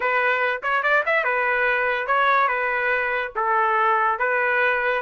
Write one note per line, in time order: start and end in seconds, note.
0.00 0.61 B4
0.62 0.82 C#5
0.82 1.03 D5
1.05 1.24 E5
1.24 2.06 B4
2.06 2.48 C#5
2.48 3.31 B4
3.35 4.18 A4
4.18 5.01 B4